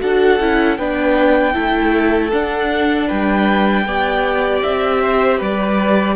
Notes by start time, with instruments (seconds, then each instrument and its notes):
0.00 cello D4, viola F#4, violin A4 F#5
0.40 cello C#4, viola E4
0.78 cello B3, viola D4, violin B4 G5
1.54 cello A3, viola E4, violin A4
2.32 cello D4, viola D4, violin F#5
3.07 cello G3, violin B4 G5
3.85 cello B3, viola G4, violin D5
4.62 cello C4, violin E5
5.02 violin C5
5.38 cello G3, violin B4 D5